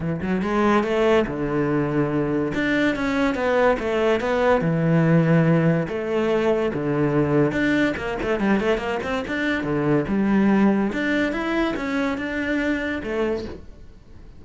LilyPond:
\new Staff \with { instrumentName = "cello" } { \time 4/4 \tempo 4 = 143 e8 fis8 gis4 a4 d4~ | d2 d'4 cis'4 | b4 a4 b4 e4~ | e2 a2 |
d2 d'4 ais8 a8 | g8 a8 ais8 c'8 d'4 d4 | g2 d'4 e'4 | cis'4 d'2 a4 | }